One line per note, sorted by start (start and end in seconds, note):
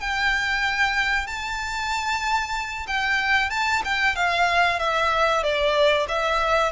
0.00 1.26 G5
1.26 2.86 A5
2.87 3.50 G5
3.50 3.82 A5
3.84 4.15 G5
4.15 4.79 F5
4.79 5.43 E5
5.43 6.07 D5
6.08 6.72 E5